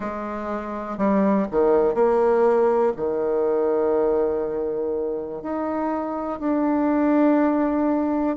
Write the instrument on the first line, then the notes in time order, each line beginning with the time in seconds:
bassoon
0.00 G#3
0.97 G3
1.51 D#3
1.94 A#3
2.96 D#3
5.42 D#4
6.39 D4